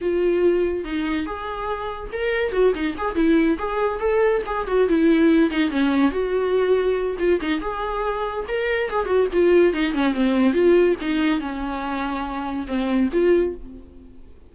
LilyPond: \new Staff \with { instrumentName = "viola" } { \time 4/4 \tempo 4 = 142 f'2 dis'4 gis'4~ | gis'4 ais'4 fis'8 dis'8 gis'8 e'8~ | e'8 gis'4 a'4 gis'8 fis'8 e'8~ | e'4 dis'8 cis'4 fis'4.~ |
fis'4 f'8 dis'8 gis'2 | ais'4 gis'8 fis'8 f'4 dis'8 cis'8 | c'4 f'4 dis'4 cis'4~ | cis'2 c'4 f'4 | }